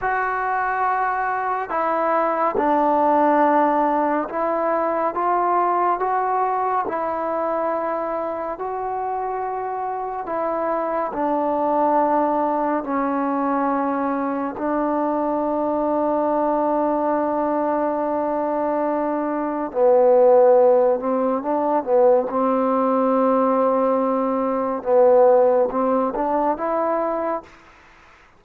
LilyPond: \new Staff \with { instrumentName = "trombone" } { \time 4/4 \tempo 4 = 70 fis'2 e'4 d'4~ | d'4 e'4 f'4 fis'4 | e'2 fis'2 | e'4 d'2 cis'4~ |
cis'4 d'2.~ | d'2. b4~ | b8 c'8 d'8 b8 c'2~ | c'4 b4 c'8 d'8 e'4 | }